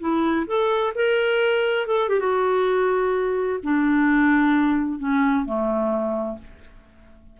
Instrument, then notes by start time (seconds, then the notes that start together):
clarinet
0.00 E4
0.47 A4
0.95 A#4
1.87 A4
2.09 G4
2.20 F#4
3.63 D4
4.99 C#4
5.45 A3